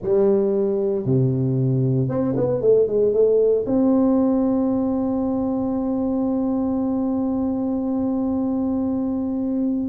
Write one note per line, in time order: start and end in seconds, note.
0.02 1.05 G3
1.05 2.08 C3
2.08 2.35 C4
2.36 2.61 B3
2.61 2.87 A3
2.87 3.13 G#3
3.13 3.65 A3
3.66 9.89 C4